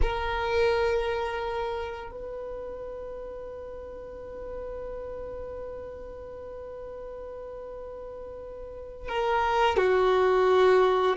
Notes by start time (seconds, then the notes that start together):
0.01 A#4
2.11 B4
9.08 A#4
9.77 F#4